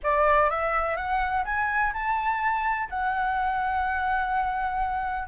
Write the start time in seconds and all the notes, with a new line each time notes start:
0.03 D5
0.50 E5
0.96 F#5
1.44 G#5
1.93 A5
2.89 F#5